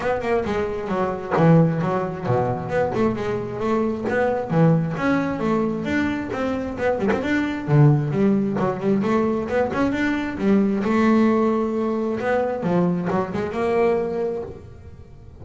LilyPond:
\new Staff \with { instrumentName = "double bass" } { \time 4/4 \tempo 4 = 133 b8 ais8 gis4 fis4 e4 | fis4 b,4 b8 a8 gis4 | a4 b4 e4 cis'4 | a4 d'4 c'4 b8 g16 c'16 |
d'4 d4 g4 fis8 g8 | a4 b8 cis'8 d'4 g4 | a2. b4 | f4 fis8 gis8 ais2 | }